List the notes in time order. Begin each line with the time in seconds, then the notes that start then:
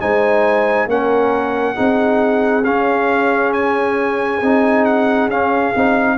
0.00 G#3 D#4 C5 G#5
0.86 A#3 C#4 A#4 F#5
1.74 C4 D#4 G#4
2.64 C#4 F5
3.53 G#5
4.41 C4 D#4
4.85 F#5
5.28 C#4 F5
5.74 C4 D#4